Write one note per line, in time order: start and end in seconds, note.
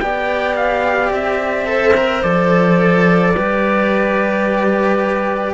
0.00 1.11 B3
0.00 1.66 G4
0.00 1.70 D5
0.00 0.56 G5
0.56 1.12 F5
1.11 2.22 C4
1.11 2.23 E5
1.66 1.94 A4
1.66 3.34 C5
1.97 2.24 A#4
2.23 3.35 F3
2.23 3.35 A4
2.23 5.54 D5
3.34 5.54 G3
3.34 5.54 G4
3.34 5.54 B4